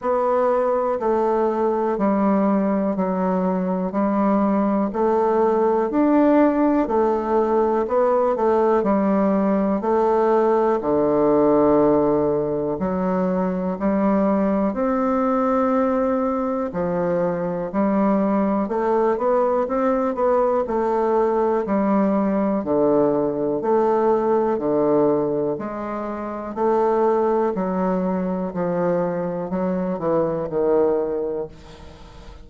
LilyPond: \new Staff \with { instrumentName = "bassoon" } { \time 4/4 \tempo 4 = 61 b4 a4 g4 fis4 | g4 a4 d'4 a4 | b8 a8 g4 a4 d4~ | d4 fis4 g4 c'4~ |
c'4 f4 g4 a8 b8 | c'8 b8 a4 g4 d4 | a4 d4 gis4 a4 | fis4 f4 fis8 e8 dis4 | }